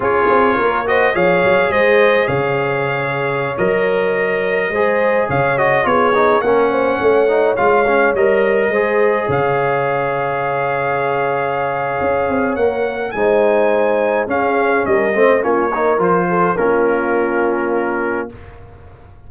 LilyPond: <<
  \new Staff \with { instrumentName = "trumpet" } { \time 4/4 \tempo 4 = 105 cis''4. dis''8 f''4 dis''4 | f''2~ f''16 dis''4.~ dis''16~ | dis''4~ dis''16 f''8 dis''8 cis''4 fis''8.~ | fis''4~ fis''16 f''4 dis''4.~ dis''16~ |
dis''16 f''2.~ f''8.~ | f''2 fis''4 gis''4~ | gis''4 f''4 dis''4 cis''4 | c''4 ais'2. | }
  \new Staff \with { instrumentName = "horn" } { \time 4/4 gis'4 ais'8 c''8 cis''4 c''4 | cis''1~ | cis''16 c''4 cis''4 gis'4 ais'8 c''16~ | c''16 cis''2. c''8.~ |
c''16 cis''2.~ cis''8.~ | cis''2. c''4~ | c''4 gis'4 ais'8 c''8 f'8 ais'8~ | ais'8 a'8 f'2. | }
  \new Staff \with { instrumentName = "trombone" } { \time 4/4 f'4. fis'8 gis'2~ | gis'2~ gis'16 ais'4.~ ais'16~ | ais'16 gis'4. fis'8 f'8 dis'8 cis'8.~ | cis'8. dis'8 f'8 cis'8 ais'4 gis'8.~ |
gis'1~ | gis'2 ais'4 dis'4~ | dis'4 cis'4. c'8 cis'8 dis'8 | f'4 cis'2. | }
  \new Staff \with { instrumentName = "tuba" } { \time 4/4 cis'8 c'8 ais4 f8 fis8 gis4 | cis2~ cis16 fis4.~ fis16~ | fis16 gis4 cis4 b4 ais8.~ | ais16 a4 gis4 g4 gis8.~ |
gis16 cis2.~ cis8.~ | cis4 cis'8 c'8 ais4 gis4~ | gis4 cis'4 g8 a8 ais4 | f4 ais2. | }
>>